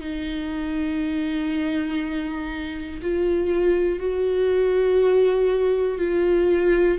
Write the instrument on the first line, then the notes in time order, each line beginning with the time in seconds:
viola
0.00 D#4
3.01 F4
3.99 F#4
5.98 F4